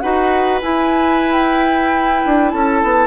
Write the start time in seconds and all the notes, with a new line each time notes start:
0.00 D#4 F#4 B4 F#5
0.62 E4 G#5
1.33 G5
2.25 D4
2.50 C#4 A4 A5
2.83 B3